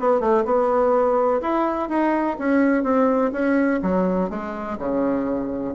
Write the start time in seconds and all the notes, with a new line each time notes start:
0.00 B3
0.21 A3
0.45 B3
1.42 E4
1.89 D#4
2.39 C#4
2.84 C4
3.33 C#4
3.83 F#3
4.30 G#3
4.78 C#3